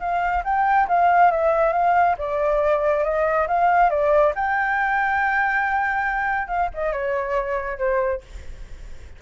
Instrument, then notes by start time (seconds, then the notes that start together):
flute
0.00 F5
0.44 G5
0.88 F5
1.31 E5
1.73 F5
2.18 D5
3.04 D#5
3.47 F5
3.90 D5
4.35 G5
6.47 F5
6.74 D#5
6.92 C#5
7.78 C5